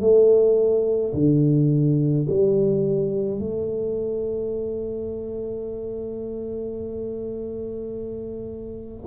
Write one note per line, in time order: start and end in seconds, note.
0.00 1.13 A3
1.14 2.27 D3
2.29 3.39 G3
3.39 9.05 A3